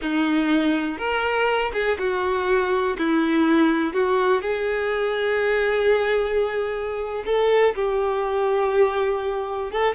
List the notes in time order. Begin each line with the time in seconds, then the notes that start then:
0.01 D#4
0.97 A#4
1.73 G#4
1.98 F#4
2.98 E4
3.93 F#4
4.41 G#4
7.25 A4
7.75 G4
9.71 A4